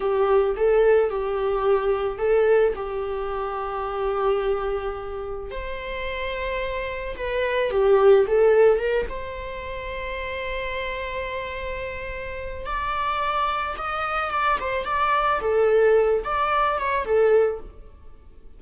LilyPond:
\new Staff \with { instrumentName = "viola" } { \time 4/4 \tempo 4 = 109 g'4 a'4 g'2 | a'4 g'2.~ | g'2 c''2~ | c''4 b'4 g'4 a'4 |
ais'8 c''2.~ c''8~ | c''2. d''4~ | d''4 dis''4 d''8 c''8 d''4 | a'4. d''4 cis''8 a'4 | }